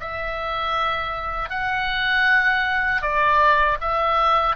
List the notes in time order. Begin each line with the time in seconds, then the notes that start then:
0.00 E5
1.49 F#5
3.01 D5
3.80 E5